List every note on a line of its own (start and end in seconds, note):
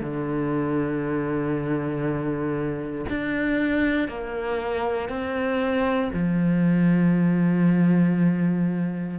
0.00 3.05 D3
3.09 4.08 D4
4.08 5.08 A#3
5.08 6.10 C4
6.13 9.18 F3